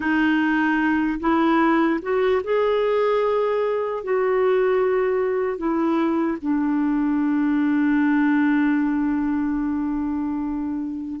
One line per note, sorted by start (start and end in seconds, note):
0.00 1.19 D#4
1.20 2.00 E4
2.02 2.42 F#4
2.43 4.03 G#4
4.03 5.57 F#4
5.57 6.37 E4
6.41 11.20 D4